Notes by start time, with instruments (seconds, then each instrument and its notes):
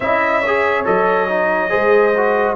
0.00 tuba C#4, trombone E4, horn D#5, trumpet E5
0.41 trombone G#4, horn C#5
0.84 tuba F#3, trombone A4, trumpet D#5
1.28 trombone D#4
1.69 tuba G#3, trombone G#4, horn C5
2.16 trombone F#4